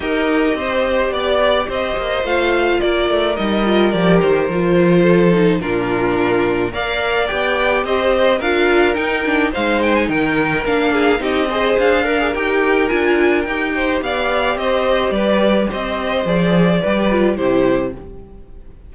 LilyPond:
<<
  \new Staff \with { instrumentName = "violin" } { \time 4/4 \tempo 4 = 107 dis''2 d''4 dis''4 | f''4 d''4 dis''4 d''8 c''8~ | c''2 ais'2 | f''4 g''4 dis''4 f''4 |
g''4 f''8 g''16 gis''16 g''4 f''4 | dis''4 f''4 g''4 gis''4 | g''4 f''4 dis''4 d''4 | dis''4 d''2 c''4 | }
  \new Staff \with { instrumentName = "violin" } { \time 4/4 ais'4 c''4 d''4 c''4~ | c''4 ais'2.~ | ais'4 a'4 f'2 | d''2 c''4 ais'4~ |
ais'4 c''4 ais'4. gis'8 | g'8 c''4 ais'2~ ais'8~ | ais'8 c''8 d''4 c''4 b'4 | c''2 b'4 g'4 | }
  \new Staff \with { instrumentName = "viola" } { \time 4/4 g'1 | f'2 dis'8 f'8 g'4 | f'4. dis'8 d'2 | ais'4 g'2 f'4 |
dis'8 d'8 dis'2 d'4 | dis'8 gis'4 ais'16 gis'16 g'4 f'4 | g'1~ | g'4 gis'4 g'8 f'8 e'4 | }
  \new Staff \with { instrumentName = "cello" } { \time 4/4 dis'4 c'4 b4 c'8 ais8 | a4 ais8 a8 g4 f8 dis8 | f2 ais,2 | ais4 b4 c'4 d'4 |
dis'4 gis4 dis4 ais4 | c'4 d'4 dis'4 d'4 | dis'4 b4 c'4 g4 | c'4 f4 g4 c4 | }
>>